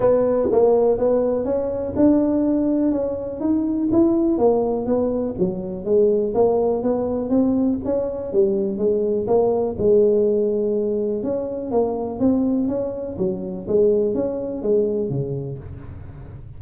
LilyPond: \new Staff \with { instrumentName = "tuba" } { \time 4/4 \tempo 4 = 123 b4 ais4 b4 cis'4 | d'2 cis'4 dis'4 | e'4 ais4 b4 fis4 | gis4 ais4 b4 c'4 |
cis'4 g4 gis4 ais4 | gis2. cis'4 | ais4 c'4 cis'4 fis4 | gis4 cis'4 gis4 cis4 | }